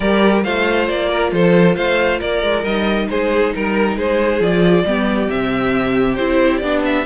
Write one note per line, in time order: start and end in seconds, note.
0.00 0.44 G3
0.00 0.44 G4
0.00 0.43 A#4
0.00 0.41 D5
0.43 0.88 A3
0.43 2.65 F4
0.43 1.08 C5
0.43 0.87 F5
0.87 1.32 A#3
0.87 1.31 D5
1.08 1.30 A#4
1.32 1.76 F3
1.32 1.75 A4
1.32 1.76 C5
1.75 2.20 A3
1.75 2.19 C5
1.75 2.20 F5
2.19 2.43 A#3
2.19 3.07 A#4
2.19 2.64 D5
2.43 2.64 G#3
2.64 3.08 G3
2.64 4.42 D#4
2.64 3.08 D#5
3.09 3.54 G#3
3.09 3.55 G#4
3.09 3.53 C5
3.55 3.97 G3
3.55 3.98 A#4
3.55 3.96 A#4
3.96 4.40 G#3
3.96 4.84 G#4
3.96 4.42 C5
4.40 4.84 F3
4.40 4.86 F4
4.40 5.30 D5
4.84 5.28 G3
4.84 5.28 B3
4.84 7.05 G4
5.28 6.18 C3
5.28 6.17 C4
5.28 6.15 E5
6.15 6.61 C4
6.15 6.62 E4
6.15 6.58 C5
6.58 7.05 B3
6.58 7.05 D4
6.58 6.80 D5
6.85 7.05 E5